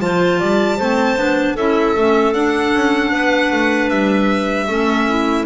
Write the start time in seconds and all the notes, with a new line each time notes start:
0.00 F3 F4 C5 A5
0.40 G3 D5
0.78 A3 C4 C5
1.18 B3 D4
1.56 C#4 E4 A4 E5
1.97 A3 C#4
2.34 D4 F#5
2.74 C#4
3.11 B3 B4
3.52 A3
3.90 G3 E5
4.68 A3 C#4 A4
5.09 E4